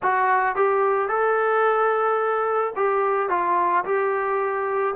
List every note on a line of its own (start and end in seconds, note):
0.02 0.55 F#4
0.55 1.08 G4
1.08 2.73 A4
2.75 3.29 G4
3.29 3.84 F4
3.84 4.94 G4